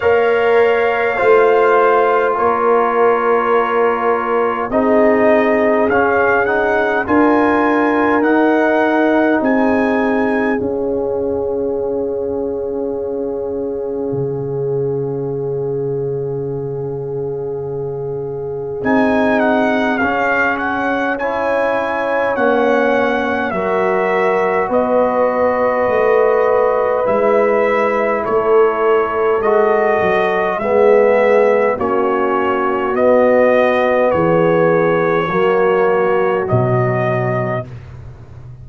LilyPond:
<<
  \new Staff \with { instrumentName = "trumpet" } { \time 4/4 \tempo 4 = 51 f''2 cis''2 | dis''4 f''8 fis''8 gis''4 fis''4 | gis''4 f''2.~ | f''1 |
gis''8 fis''8 f''8 fis''8 gis''4 fis''4 | e''4 dis''2 e''4 | cis''4 dis''4 e''4 cis''4 | dis''4 cis''2 dis''4 | }
  \new Staff \with { instrumentName = "horn" } { \time 4/4 cis''4 c''4 ais'2 | gis'2 ais'2 | gis'1~ | gis'1~ |
gis'2 cis''2 | ais'4 b'2. | a'2 gis'4 fis'4~ | fis'4 gis'4 fis'2 | }
  \new Staff \with { instrumentName = "trombone" } { \time 4/4 ais'4 f'2. | dis'4 cis'8 dis'8 f'4 dis'4~ | dis'4 cis'2.~ | cis'1 |
dis'4 cis'4 e'4 cis'4 | fis'2. e'4~ | e'4 fis'4 b4 cis'4 | b2 ais4 fis4 | }
  \new Staff \with { instrumentName = "tuba" } { \time 4/4 ais4 a4 ais2 | c'4 cis'4 d'4 dis'4 | c'4 cis'2. | cis1 |
c'4 cis'2 ais4 | fis4 b4 a4 gis4 | a4 gis8 fis8 gis4 ais4 | b4 e4 fis4 b,4 | }
>>